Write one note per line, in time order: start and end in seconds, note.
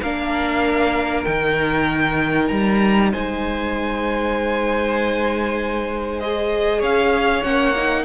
0.00 1.25 A#3
0.00 1.27 D4
0.00 3.09 A#4
0.00 1.24 F5
1.24 2.50 D#3
1.24 6.22 D#4
1.24 2.48 G5
2.48 3.12 G3
2.48 3.09 A#5
3.11 6.82 G#3
3.11 6.78 C5
3.11 6.19 G#5
6.19 7.43 G#4
6.19 6.81 D#5
6.78 7.44 C#4
6.78 8.01 C#5
6.78 7.43 F5
7.43 8.04 A#3
7.43 7.73 C#4
7.43 8.04 F#5
7.76 8.04 D#4